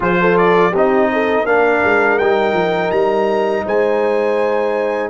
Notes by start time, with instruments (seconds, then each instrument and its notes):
0.00 tuba F3, trombone F4, horn G#4, trumpet C5
0.20 horn A4
0.37 trumpet D5
0.71 tuba C4, trombone D#4, horn G4, trumpet D#5
1.12 horn A4
1.45 tuba A#3, trombone D4, horn A#4, trumpet F5
1.84 tuba G#3
2.18 tuba G3, trombone D#4, trumpet G5
2.52 tuba F3
2.91 tuba G3, trumpet A#5
3.65 tuba G#3, horn C5, trumpet G#5